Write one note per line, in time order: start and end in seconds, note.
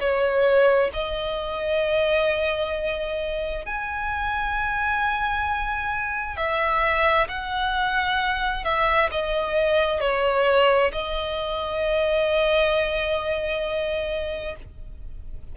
0.00 0.91 C#5
0.93 3.65 D#5
3.65 6.37 G#5
6.37 7.28 E5
7.28 8.64 F#5
8.64 9.10 E5
9.11 10.00 D#5
10.00 10.91 C#5
10.92 14.55 D#5